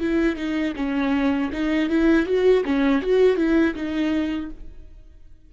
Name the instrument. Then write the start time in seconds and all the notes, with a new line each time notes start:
viola
0.00 E4
0.36 D#4
0.76 C#4
1.52 D#4
1.89 E4
2.26 F#4
2.65 C#4
3.01 F#4
3.37 E4
3.75 D#4